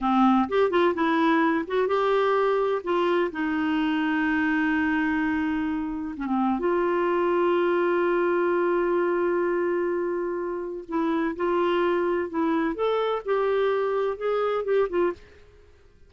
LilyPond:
\new Staff \with { instrumentName = "clarinet" } { \time 4/4 \tempo 4 = 127 c'4 g'8 f'8 e'4. fis'8 | g'2 f'4 dis'4~ | dis'1~ | dis'4 cis'16 c'8. f'2~ |
f'1~ | f'2. e'4 | f'2 e'4 a'4 | g'2 gis'4 g'8 f'8 | }